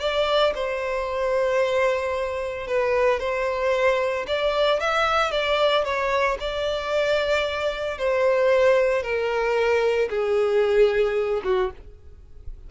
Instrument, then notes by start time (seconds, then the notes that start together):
violin
0.00 D5
0.55 C5
2.67 B4
3.20 C5
4.27 D5
4.80 E5
5.31 D5
5.84 C#5
6.40 D5
7.98 C5
9.02 A#4
10.09 G#4
11.44 F#4